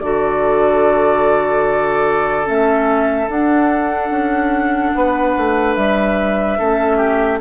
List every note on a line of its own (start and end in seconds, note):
0.00 2.47 D3
0.00 2.44 F#4
0.00 4.96 A4
0.00 2.47 D5
2.44 3.28 A3
2.44 3.26 C#4
2.44 3.29 E5
3.28 4.10 D4
3.28 6.59 D4
3.28 5.75 F#5
4.10 4.92 C#4
4.94 5.35 B3
4.94 6.58 B4
5.36 5.76 A3
5.75 6.58 G3
5.75 7.40 E5
6.58 7.40 A3
6.58 7.40 C#4
6.58 6.97 A4
6.97 7.38 G4